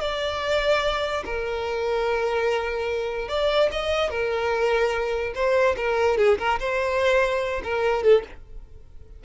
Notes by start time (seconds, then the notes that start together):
0.00 D5
1.25 A#4
3.28 D5
3.71 D#5
4.10 A#4
5.34 C5
5.77 A#4
6.17 G#4
6.38 A#4
6.59 C5
7.64 A#4
8.03 A4